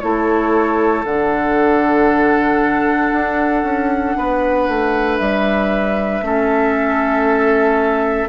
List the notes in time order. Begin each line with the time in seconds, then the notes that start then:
0.00 A3 E4 A4 C#5
1.04 D3 D4 F#5
3.12 D4
3.63 C#4
4.17 B3 B4
4.68 A3
5.18 G3 E5
6.21 A3 C#4 A4